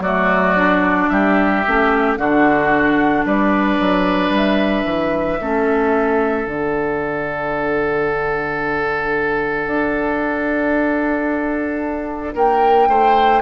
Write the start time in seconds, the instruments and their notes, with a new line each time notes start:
0.00 bassoon F#3, clarinet A3, oboe F#4, flute D5
0.56 clarinet D4
1.10 bassoon G3, oboe G4, flute E5
1.67 bassoon A3, clarinet C#4
2.17 bassoon D3, clarinet D4, oboe F#4, flute F#5
3.25 bassoon G3, oboe B4, flute D5
3.80 bassoon F#3
4.29 bassoon G3
4.36 flute E5
4.85 bassoon E3
5.41 bassoon A3, clarinet C#4, oboe A4
6.46 bassoon D3, clarinet D4, flute F#5
9.67 bassoon D4
12.35 bassoon A#3, oboe A#4, flute G5
12.88 bassoon A3, oboe C5